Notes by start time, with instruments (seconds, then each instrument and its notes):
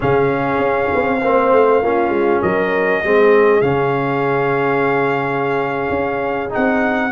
0.00 tuba C#3, trombone C#4, horn G#4, trumpet F5
0.58 tuba C#4
0.94 tuba C4
1.21 tuba A#3, trombone C4, horn C5
1.52 tuba A3
1.81 tuba A#3, trombone C#4, horn F4
2.09 tuba G#3
2.42 tuba F#3, horn A#4, trumpet D#5
3.04 tuba G#3, trombone C4, horn G#4
3.61 tuba C#3, trombone C#4, trumpet F5
5.89 tuba C#4
6.49 trombone D#4, trumpet F#5
6.56 tuba C4